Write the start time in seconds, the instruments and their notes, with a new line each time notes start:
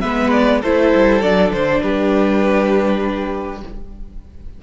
0.00 cello G#3, viola B3, violin B4 E5
0.31 violin D5
0.61 cello A3, viola E4, violin A4 C5
0.95 cello G3
1.21 cello F#3, viola D4, violin D5
1.51 cello D3, violin C5
1.81 cello G3, violin G4 B4